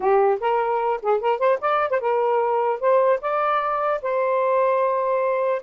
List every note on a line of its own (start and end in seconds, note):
0.00 0.39 G4
0.40 1.00 A#4
1.01 1.20 G#4
1.20 1.38 A#4
1.38 1.58 C5
1.61 1.90 D5
1.90 2.00 C5
2.00 2.80 A#4
2.80 3.20 C5
3.21 4.01 D5
4.02 5.62 C5